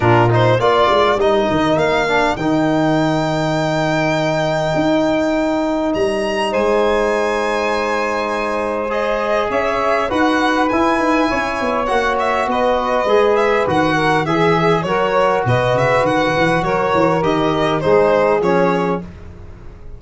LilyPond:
<<
  \new Staff \with { instrumentName = "violin" } { \time 4/4 \tempo 4 = 101 ais'8 c''8 d''4 dis''4 f''4 | g''1~ | g''2 ais''4 gis''4~ | gis''2. dis''4 |
e''4 fis''4 gis''2 | fis''8 e''8 dis''4. e''8 fis''4 | e''4 cis''4 dis''8 e''8 fis''4 | cis''4 dis''4 c''4 cis''4 | }
  \new Staff \with { instrumentName = "saxophone" } { \time 4/4 f'4 ais'2.~ | ais'1~ | ais'2. c''4~ | c''1 |
cis''4 b'2 cis''4~ | cis''4 b'2~ b'8 ais'8 | gis'4 ais'4 b'2 | ais'2 gis'2 | }
  \new Staff \with { instrumentName = "trombone" } { \time 4/4 d'8 dis'8 f'4 dis'4. d'8 | dis'1~ | dis'1~ | dis'2. gis'4~ |
gis'4 fis'4 e'2 | fis'2 gis'4 fis'4 | gis'4 fis'2.~ | fis'4 g'4 dis'4 cis'4 | }
  \new Staff \with { instrumentName = "tuba" } { \time 4/4 ais,4 ais8 gis8 g8 dis8 ais4 | dis1 | dis'2 g4 gis4~ | gis1 |
cis'4 dis'4 e'8 dis'8 cis'8 b8 | ais4 b4 gis4 dis4 | e4 fis4 b,8 cis8 dis8 e8 | fis8 e8 dis4 gis4 f4 | }
>>